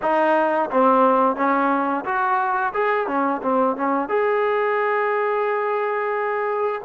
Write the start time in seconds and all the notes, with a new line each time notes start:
0.02 D#4
0.70 C4
1.36 C#4
2.05 F#4
2.73 G#4
3.07 C#4
3.42 C4
3.76 C#4
4.08 G#4